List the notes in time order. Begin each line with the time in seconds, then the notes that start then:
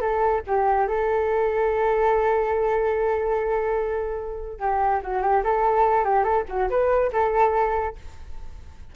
0.00 A4
0.46 G4
0.87 A4
4.59 G4
5.02 F#4
5.22 G4
5.43 A4
6.04 G4
6.23 A4
6.48 F#4
6.69 B4
7.12 A4